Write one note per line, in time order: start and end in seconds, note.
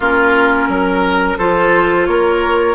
0.00 0.68 A#3
0.00 1.39 C#4
0.00 0.68 F4
0.00 1.37 A#4
0.68 1.37 F#3
0.68 1.38 A#4
1.37 2.07 F3
1.37 2.75 F4
1.37 2.07 A4
1.37 2.06 C5
2.06 2.75 A#3
2.06 2.75 A#4
2.06 2.75 C#5